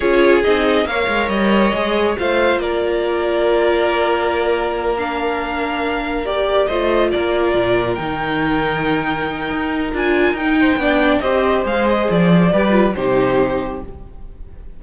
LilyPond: <<
  \new Staff \with { instrumentName = "violin" } { \time 4/4 \tempo 4 = 139 cis''4 dis''4 f''4 dis''4~ | dis''4 f''4 d''2~ | d''2.~ d''8 f''8~ | f''2~ f''8 d''4 dis''8~ |
dis''8 d''2 g''4.~ | g''2. gis''4 | g''2 dis''4 f''8 dis''8 | d''2 c''2 | }
  \new Staff \with { instrumentName = "violin" } { \time 4/4 gis'2 cis''2~ | cis''4 c''4 ais'2~ | ais'1~ | ais'2.~ ais'8 c''8~ |
c''8 ais'2.~ ais'8~ | ais'1~ | ais'8 c''8 d''4 c''2~ | c''4 b'4 g'2 | }
  \new Staff \with { instrumentName = "viola" } { \time 4/4 f'4 dis'4 ais'2 | gis'4 f'2.~ | f'2.~ f'8 d'8~ | d'2~ d'8 g'4 f'8~ |
f'2~ f'8 dis'4.~ | dis'2. f'4 | dis'4 d'4 g'4 gis'4~ | gis'4 g'8 f'8 dis'2 | }
  \new Staff \with { instrumentName = "cello" } { \time 4/4 cis'4 c'4 ais8 gis8 g4 | gis4 a4 ais2~ | ais1~ | ais2.~ ais8 a8~ |
a8 ais4 ais,4 dis4.~ | dis2 dis'4 d'4 | dis'4 b4 c'4 gis4 | f4 g4 c2 | }
>>